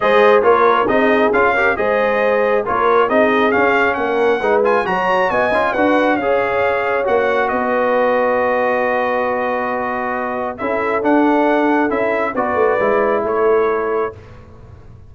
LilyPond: <<
  \new Staff \with { instrumentName = "trumpet" } { \time 4/4 \tempo 4 = 136 dis''4 cis''4 dis''4 f''4 | dis''2 cis''4 dis''4 | f''4 fis''4. gis''8 ais''4 | gis''4 fis''4 f''2 |
fis''4 dis''2.~ | dis''1 | e''4 fis''2 e''4 | d''2 cis''2 | }
  \new Staff \with { instrumentName = "horn" } { \time 4/4 c''4 ais'4 gis'4. ais'8 | c''2 ais'4 gis'4~ | gis'4 ais'4 b'4 cis''4 | dis''4 b'4 cis''2~ |
cis''4 b'2.~ | b'1 | a'1 | b'2 a'2 | }
  \new Staff \with { instrumentName = "trombone" } { \time 4/4 gis'4 f'4 dis'4 f'8 g'8 | gis'2 f'4 dis'4 | cis'2 dis'8 f'8 fis'4~ | fis'8 f'8 fis'4 gis'2 |
fis'1~ | fis'1 | e'4 d'2 e'4 | fis'4 e'2. | }
  \new Staff \with { instrumentName = "tuba" } { \time 4/4 gis4 ais4 c'4 cis'4 | gis2 ais4 c'4 | cis'4 ais4 gis4 fis4 | b8 cis'8 d'4 cis'2 |
ais4 b2.~ | b1 | cis'4 d'2 cis'4 | b8 a8 gis4 a2 | }
>>